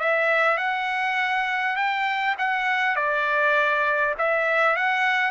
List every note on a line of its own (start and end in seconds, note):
0.00 0.58 E5
0.58 1.76 F#5
1.76 2.35 G5
2.38 2.96 F#5
2.96 4.15 D5
4.18 4.76 E5
4.76 5.31 F#5